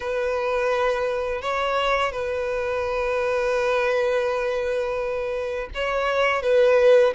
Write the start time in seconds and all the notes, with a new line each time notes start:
0.00 B4
1.41 C#5
2.11 B4
5.74 C#5
6.42 B4